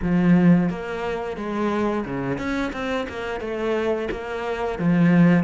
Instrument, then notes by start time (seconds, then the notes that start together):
cello
0.02 F3
0.69 A#3
1.36 G#3
2.05 C#3
2.37 C#4
2.72 C4
3.08 A#3
3.40 A3
4.11 A#3
4.78 F3